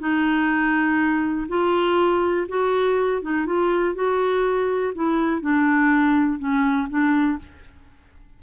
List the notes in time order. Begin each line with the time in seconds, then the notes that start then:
0.00 D#4
1.49 F4
2.49 F#4
3.23 D#4
3.46 F4
3.95 F#4
4.95 E4
5.42 D4
6.39 C#4
6.89 D4